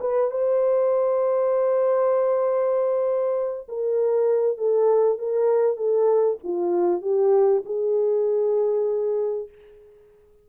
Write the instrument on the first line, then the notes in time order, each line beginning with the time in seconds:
horn
0.00 B4
0.30 C5
3.68 A#4
4.57 A4
5.18 A#4
5.77 A4
6.43 F4
7.02 G4
7.65 G#4